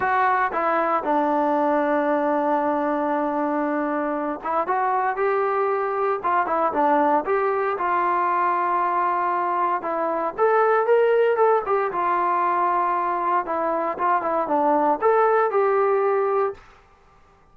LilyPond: \new Staff \with { instrumentName = "trombone" } { \time 4/4 \tempo 4 = 116 fis'4 e'4 d'2~ | d'1~ | d'8 e'8 fis'4 g'2 | f'8 e'8 d'4 g'4 f'4~ |
f'2. e'4 | a'4 ais'4 a'8 g'8 f'4~ | f'2 e'4 f'8 e'8 | d'4 a'4 g'2 | }